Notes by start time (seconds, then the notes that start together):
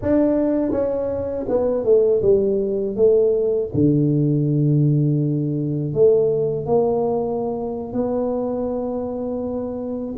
0.02 D4
0.71 C#4
1.48 B3
1.84 A3
2.22 G3
2.96 A3
3.74 D3
5.93 A3
6.66 A#3
7.93 B3